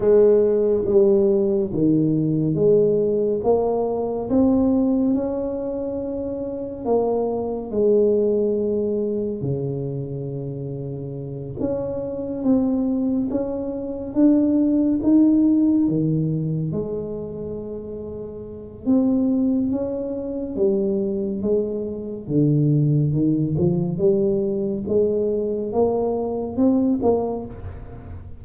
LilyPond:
\new Staff \with { instrumentName = "tuba" } { \time 4/4 \tempo 4 = 70 gis4 g4 dis4 gis4 | ais4 c'4 cis'2 | ais4 gis2 cis4~ | cis4. cis'4 c'4 cis'8~ |
cis'8 d'4 dis'4 dis4 gis8~ | gis2 c'4 cis'4 | g4 gis4 d4 dis8 f8 | g4 gis4 ais4 c'8 ais8 | }